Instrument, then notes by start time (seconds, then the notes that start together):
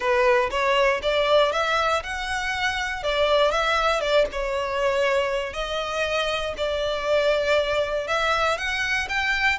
violin
0.00 B4
0.50 C#5
1.02 D5
1.52 E5
2.03 F#5
3.03 D5
3.51 E5
4.00 D5
4.31 C#5
5.53 D#5
6.57 D5
8.07 E5
8.57 F#5
9.08 G5